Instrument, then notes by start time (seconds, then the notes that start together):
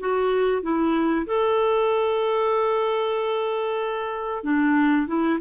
clarinet
0.00 F#4
0.62 E4
1.26 A4
4.44 D4
5.07 E4